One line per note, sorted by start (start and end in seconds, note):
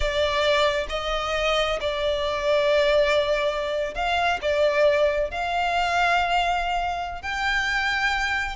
0.00 0.86 D5
0.89 1.79 D#5
1.80 3.94 D5
3.94 4.39 F5
4.41 5.30 D5
5.30 7.21 F5
7.21 8.55 G5